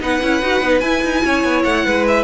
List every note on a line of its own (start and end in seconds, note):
0.00 0.21 B3
0.00 0.21 D#4
0.00 1.23 B4
0.00 0.80 F#5
0.22 0.42 C#4
0.22 0.42 E4
0.42 0.61 D#4
0.42 0.62 F#4
0.61 0.81 B3
0.61 0.83 D#4
0.80 1.02 E4
0.80 2.24 E4
0.80 1.62 G#5
1.03 1.23 D#4
1.24 1.43 C#4
1.24 1.85 C#5
1.43 1.64 B3
1.64 1.85 A3
1.64 2.05 F#5
1.85 2.24 G#3
1.85 2.24 B4
2.07 2.24 E5